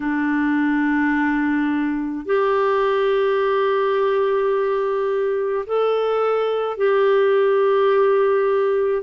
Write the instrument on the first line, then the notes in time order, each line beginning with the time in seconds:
clarinet
0.00 D4
2.25 G4
5.66 A4
6.77 G4